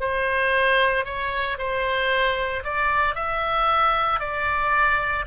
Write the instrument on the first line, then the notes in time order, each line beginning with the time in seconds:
oboe
0.00 C5
1.05 C#5
1.58 C5
2.64 D5
3.14 E5
4.19 D5